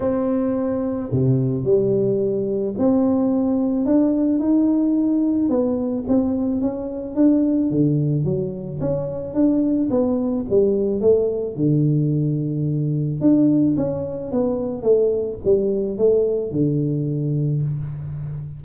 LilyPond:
\new Staff \with { instrumentName = "tuba" } { \time 4/4 \tempo 4 = 109 c'2 c4 g4~ | g4 c'2 d'4 | dis'2 b4 c'4 | cis'4 d'4 d4 fis4 |
cis'4 d'4 b4 g4 | a4 d2. | d'4 cis'4 b4 a4 | g4 a4 d2 | }